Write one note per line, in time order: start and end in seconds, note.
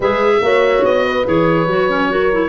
0.00 0.38 G#3
0.00 0.42 G#4
0.00 0.38 B4
0.00 0.84 E5
0.42 0.84 A#3
0.42 1.24 F#4
0.42 1.05 C#5
0.84 1.26 B3
0.84 1.26 D#5
1.05 2.10 B4
1.24 1.66 E3
1.24 1.66 G#4
1.24 2.49 C#5
1.66 2.49 F#3
1.66 1.89 F#4
1.89 2.10 C#4
2.10 2.32 F#4
2.10 2.49 A#4
2.32 2.49 E4